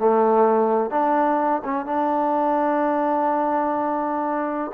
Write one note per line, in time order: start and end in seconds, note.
0.00 0.91 A3
0.91 1.62 D4
1.65 1.86 C#4
1.86 4.72 D4